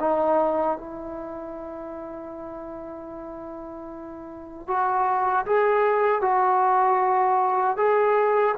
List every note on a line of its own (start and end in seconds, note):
0.00 0.78 D#4
0.78 4.68 E4
4.68 5.46 F#4
5.46 6.22 G#4
6.22 7.77 F#4
7.77 8.55 G#4